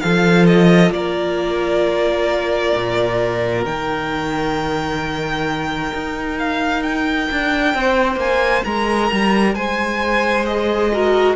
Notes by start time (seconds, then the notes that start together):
0.00 F3 F4 A4 F5
0.46 D#5
0.91 A#3 A#4 D5
2.74 A#2
3.64 D#3 D#4 G5
5.93 D#4
6.39 F5
6.83 G5
7.31 D4
7.74 C4 C5
8.16 A#3 G#5
8.64 G#3 A#4 A#5
9.11 G3
9.55 G#3 C5 G#5
10.45 G#4 D#5
10.93 F#4 A#4